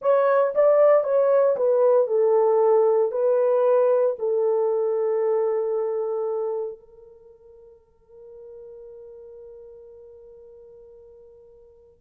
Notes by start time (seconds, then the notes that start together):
0.01 C#5
0.54 D5
1.03 C#5
1.56 B4
2.07 A4
3.11 B4
4.19 A4
6.79 A#4